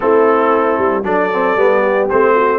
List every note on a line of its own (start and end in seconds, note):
0.00 0.78 A3
0.00 1.03 C4
0.00 1.04 E4
0.00 1.03 A4
0.78 1.03 G3
1.03 1.55 F#3
1.03 1.29 D4
1.03 1.81 A4
1.03 2.08 D5
1.32 1.57 C4
1.55 2.08 G3
1.55 2.09 B3
1.81 2.33 G4
2.09 2.58 A3
2.09 2.58 C4
2.09 2.58 C5
2.35 2.58 F#4